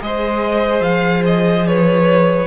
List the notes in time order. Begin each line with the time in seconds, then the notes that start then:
0.00 G#3 G#4 C5 D#5
0.81 F3 F5
1.26 D#5
1.67 B4 C#5